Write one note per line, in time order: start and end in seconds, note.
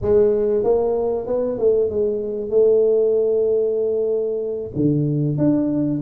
0.01 0.63 G#3
0.63 1.26 A#3
1.26 1.58 B3
1.58 1.89 A3
1.90 2.50 G#3
2.50 4.71 A3
4.75 5.37 D3
5.37 6.00 D4